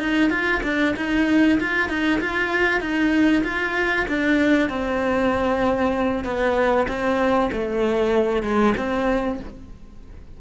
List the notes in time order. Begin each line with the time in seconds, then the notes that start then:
0.00 D#4
0.30 F4
0.64 D4
0.97 D#4
1.60 F4
1.89 D#4
2.21 F4
2.81 D#4
3.44 F4
4.08 D4
4.70 C4
6.24 B3
6.88 C4
7.52 A3
8.43 G#3
8.78 C4